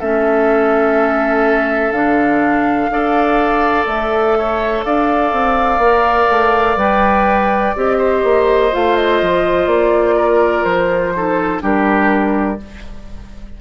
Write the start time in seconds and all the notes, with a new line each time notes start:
0.00 A3 C#4 A4 E5
1.92 D3 D4 F5
2.90 D4 A4 D5
3.87 A3 E5
4.39 C#5
4.84 D4 D5 F5
5.33 C4
5.78 A#3 A#4
6.30 A3
6.77 G3 B4 G5
7.76 C4 G4 D#5
7.98 C5
8.24 A#3
8.72 A3 F4 F5
8.97 D#5
9.22 F3
9.66 A#3 D5
10.17 A#4
10.64 F3 C5
11.15 D#4 A4
11.60 G3 D4 G4 A#4